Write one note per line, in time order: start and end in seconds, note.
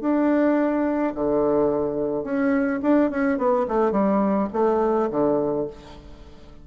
0.00 1.13 D4
1.14 2.23 D3
2.23 2.80 C#4
2.82 3.10 D4
3.10 3.38 C#4
3.38 3.66 B3
3.68 3.92 A3
3.92 4.48 G3
4.53 5.09 A3
5.10 5.67 D3